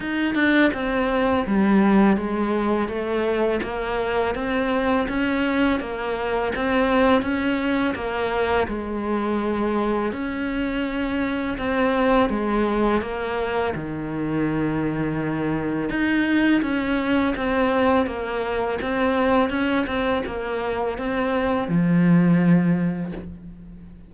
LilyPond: \new Staff \with { instrumentName = "cello" } { \time 4/4 \tempo 4 = 83 dis'8 d'8 c'4 g4 gis4 | a4 ais4 c'4 cis'4 | ais4 c'4 cis'4 ais4 | gis2 cis'2 |
c'4 gis4 ais4 dis4~ | dis2 dis'4 cis'4 | c'4 ais4 c'4 cis'8 c'8 | ais4 c'4 f2 | }